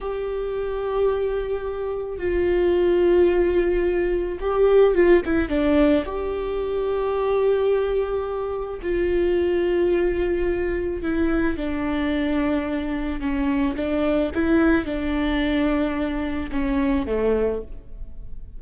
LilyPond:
\new Staff \with { instrumentName = "viola" } { \time 4/4 \tempo 4 = 109 g'1 | f'1 | g'4 f'8 e'8 d'4 g'4~ | g'1 |
f'1 | e'4 d'2. | cis'4 d'4 e'4 d'4~ | d'2 cis'4 a4 | }